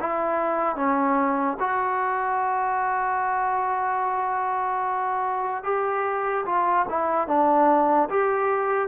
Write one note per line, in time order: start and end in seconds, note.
0.00 0.76 E4
0.76 1.57 C#4
1.60 5.64 F#4
5.64 6.45 G4
6.45 6.86 F4
6.90 7.28 E4
7.28 8.09 D4
8.09 8.88 G4